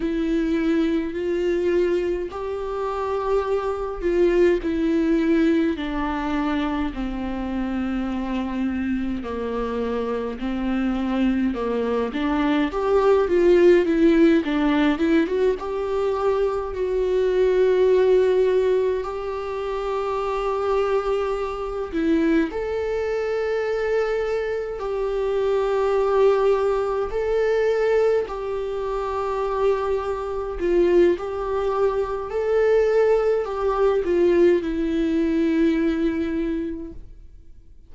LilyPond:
\new Staff \with { instrumentName = "viola" } { \time 4/4 \tempo 4 = 52 e'4 f'4 g'4. f'8 | e'4 d'4 c'2 | ais4 c'4 ais8 d'8 g'8 f'8 | e'8 d'8 e'16 fis'16 g'4 fis'4.~ |
fis'8 g'2~ g'8 e'8 a'8~ | a'4. g'2 a'8~ | a'8 g'2 f'8 g'4 | a'4 g'8 f'8 e'2 | }